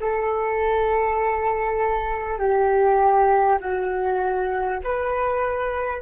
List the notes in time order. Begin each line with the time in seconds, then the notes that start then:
0.00 A4
2.38 G4
3.59 F#4
4.83 B4